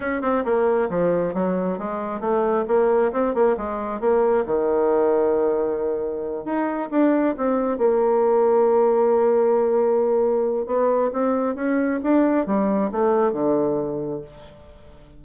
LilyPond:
\new Staff \with { instrumentName = "bassoon" } { \time 4/4 \tempo 4 = 135 cis'8 c'8 ais4 f4 fis4 | gis4 a4 ais4 c'8 ais8 | gis4 ais4 dis2~ | dis2~ dis8 dis'4 d'8~ |
d'8 c'4 ais2~ ais8~ | ais1 | b4 c'4 cis'4 d'4 | g4 a4 d2 | }